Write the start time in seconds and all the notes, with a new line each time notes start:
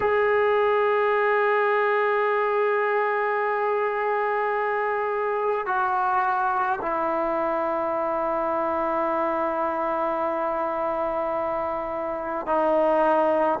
0.00 G#4
5.66 F#4
6.81 E4
12.46 D#4